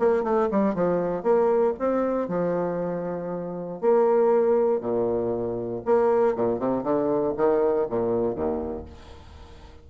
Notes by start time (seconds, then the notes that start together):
0.00 A#3
0.24 A3
0.52 G3
0.75 F3
1.23 A#3
1.80 C4
2.29 F3
3.81 A#3
4.81 A#2
5.86 A#3
6.36 A#2
6.59 C3
6.84 D3
7.37 D#3
7.90 A#2
8.36 D#2